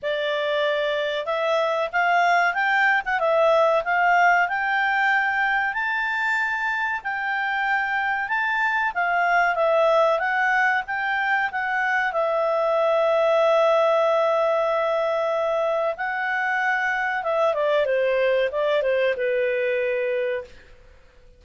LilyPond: \new Staff \with { instrumentName = "clarinet" } { \time 4/4 \tempo 4 = 94 d''2 e''4 f''4 | g''8. fis''16 e''4 f''4 g''4~ | g''4 a''2 g''4~ | g''4 a''4 f''4 e''4 |
fis''4 g''4 fis''4 e''4~ | e''1~ | e''4 fis''2 e''8 d''8 | c''4 d''8 c''8 b'2 | }